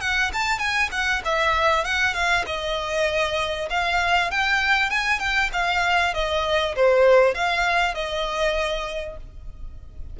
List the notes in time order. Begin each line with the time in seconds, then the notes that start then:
0.00 F#5
0.33 A5
0.58 G#5
0.91 F#5
1.24 E5
1.84 F#5
2.14 F5
2.46 D#5
3.70 F5
4.31 G5
4.90 G#5
5.19 G5
5.52 F5
6.14 D#5
6.75 C5
7.34 F5
7.94 D#5